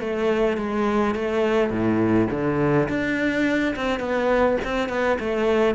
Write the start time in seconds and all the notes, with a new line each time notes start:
0.00 A3
0.57 G#3
1.15 A3
1.70 A2
2.31 D3
2.89 D4
3.76 C4
4.00 B3
4.64 C4
4.89 B3
5.20 A3